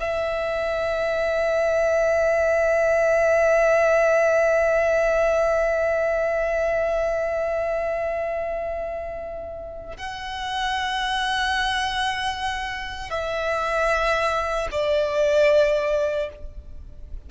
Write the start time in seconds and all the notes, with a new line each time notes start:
0.00 E5
9.97 F#5
13.11 E5
14.72 D5